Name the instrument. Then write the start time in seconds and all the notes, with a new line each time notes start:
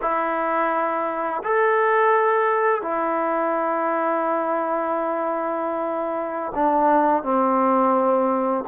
trombone
0.01 E4
1.43 A4
2.81 E4
6.55 D4
7.23 C4